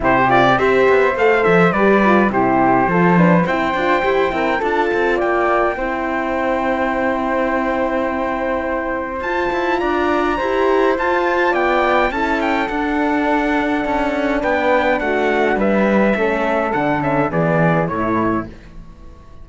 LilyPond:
<<
  \new Staff \with { instrumentName = "trumpet" } { \time 4/4 \tempo 4 = 104 c''8 d''8 e''4 f''8 e''8 d''4 | c''2 g''2 | a''4 g''2.~ | g''1 |
a''4 ais''2 a''4 | g''4 a''8 g''8 fis''2~ | fis''4 g''4 fis''4 e''4~ | e''4 fis''8 e''8 d''4 cis''4 | }
  \new Staff \with { instrumentName = "flute" } { \time 4/4 g'4 c''2 b'4 | g'4 a'8 b'8 c''4. ais'8 | a'4 d''4 c''2~ | c''1~ |
c''4 d''4 c''2 | d''4 a'2.~ | a'4 b'4 fis'4 b'4 | a'2 gis'4 e'4 | }
  \new Staff \with { instrumentName = "horn" } { \time 4/4 e'8 f'8 g'4 a'4 g'8 f'8 | e'4 f'8 d'8 e'8 f'8 g'8 e'8 | f'2 e'2~ | e'1 |
f'2 g'4 f'4~ | f'4 e'4 d'2~ | d'1 | cis'4 d'8 cis'8 b4 a4 | }
  \new Staff \with { instrumentName = "cello" } { \time 4/4 c4 c'8 b8 a8 f8 g4 | c4 f4 c'8 d'8 e'8 c'8 | d'8 c'8 ais4 c'2~ | c'1 |
f'8 e'8 d'4 e'4 f'4 | b4 cis'4 d'2 | cis'4 b4 a4 g4 | a4 d4 e4 a,4 | }
>>